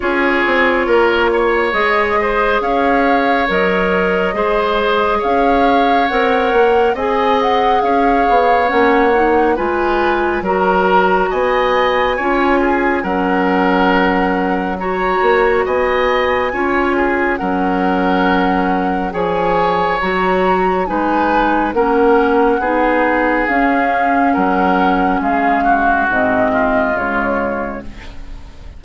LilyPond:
<<
  \new Staff \with { instrumentName = "flute" } { \time 4/4 \tempo 4 = 69 cis''2 dis''4 f''4 | dis''2 f''4 fis''4 | gis''8 fis''8 f''4 fis''4 gis''4 | ais''4 gis''2 fis''4~ |
fis''4 ais''4 gis''2 | fis''2 gis''4 ais''4 | gis''4 fis''2 f''4 | fis''4 f''4 dis''4 cis''4 | }
  \new Staff \with { instrumentName = "oboe" } { \time 4/4 gis'4 ais'8 cis''4 c''8 cis''4~ | cis''4 c''4 cis''2 | dis''4 cis''2 b'4 | ais'4 dis''4 cis''8 gis'8 ais'4~ |
ais'4 cis''4 dis''4 cis''8 gis'8 | ais'2 cis''2 | b'4 ais'4 gis'2 | ais'4 gis'8 fis'4 f'4. | }
  \new Staff \with { instrumentName = "clarinet" } { \time 4/4 f'2 gis'2 | ais'4 gis'2 ais'4 | gis'2 cis'8 dis'8 f'4 | fis'2 f'4 cis'4~ |
cis'4 fis'2 f'4 | cis'2 gis'4 fis'4 | dis'4 cis'4 dis'4 cis'4~ | cis'2 c'4 gis4 | }
  \new Staff \with { instrumentName = "bassoon" } { \time 4/4 cis'8 c'8 ais4 gis4 cis'4 | fis4 gis4 cis'4 c'8 ais8 | c'4 cis'8 b8 ais4 gis4 | fis4 b4 cis'4 fis4~ |
fis4. ais8 b4 cis'4 | fis2 f4 fis4 | gis4 ais4 b4 cis'4 | fis4 gis4 gis,4 cis4 | }
>>